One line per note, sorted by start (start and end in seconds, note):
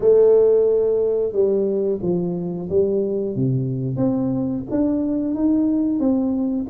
0.00 1.32 A3
1.32 1.98 G3
2.02 2.68 F3
2.69 3.35 G3
3.35 3.96 C3
3.96 4.62 C4
4.70 5.34 D4
5.34 5.99 D#4
5.99 6.66 C4